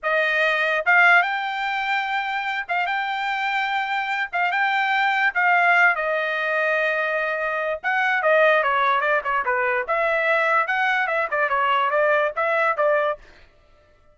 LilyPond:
\new Staff \with { instrumentName = "trumpet" } { \time 4/4 \tempo 4 = 146 dis''2 f''4 g''4~ | g''2~ g''8 f''8 g''4~ | g''2~ g''8 f''8 g''4~ | g''4 f''4. dis''4.~ |
dis''2. fis''4 | dis''4 cis''4 d''8 cis''8 b'4 | e''2 fis''4 e''8 d''8 | cis''4 d''4 e''4 d''4 | }